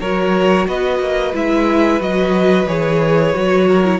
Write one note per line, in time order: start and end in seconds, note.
0.00 0.67 F#3
0.00 1.33 F#4
0.00 0.67 A#4
0.00 0.67 C#5
0.67 0.99 B3
0.67 3.67 B4
0.67 1.34 D#5
0.99 1.33 A#3
1.33 2.00 G#3
1.33 1.99 E4
1.33 2.01 E5
1.99 2.66 F#3
1.99 2.66 F#4
1.99 2.67 D#5
2.66 3.33 E3
2.66 3.34 G#4
2.66 3.99 C#5
3.34 3.99 F#3
3.34 3.84 F#4
3.67 3.99 A#4
3.84 3.99 E4